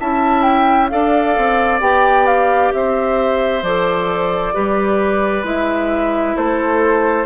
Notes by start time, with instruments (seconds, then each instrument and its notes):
0.00 bassoon C#4, clarinet E4, oboe E5, flute A5
0.43 flute G5
0.90 bassoon D4, clarinet A4, oboe D5, flute F5
1.38 bassoon C4
1.81 bassoon B3, clarinet G4, flute G5
2.27 flute F5
2.73 bassoon C4, oboe C5, flute E5
3.63 bassoon F3, clarinet A4, flute D5
4.54 bassoon G3, clarinet G4, oboe B4
5.44 bassoon G#3, clarinet E4, flute E5
6.37 bassoon A3, oboe A4, flute C5